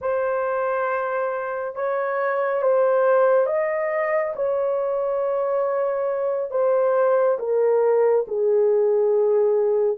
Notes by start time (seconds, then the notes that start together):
0.01 C5
1.75 C#5
2.62 C5
3.46 D#5
4.35 C#5
6.51 C5
7.38 A#4
8.27 G#4